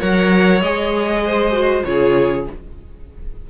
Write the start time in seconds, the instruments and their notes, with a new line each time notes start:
0.00 cello F#3, viola A#4, violin C#5 F#5
0.61 cello G#3, viola G#4, violin D#5
1.24 violin C5
1.53 viola F#4
1.84 cello C#3, viola F4, violin G#4 C#5